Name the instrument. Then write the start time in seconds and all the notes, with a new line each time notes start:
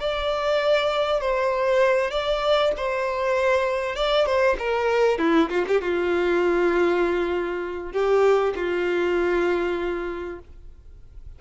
violin
0.00 D5
1.21 C5
2.11 D5
2.77 C5
3.95 D5
4.26 C5
4.59 A#4
5.18 E4
5.49 F4
5.67 G4
5.81 F4
7.92 G4
8.55 F4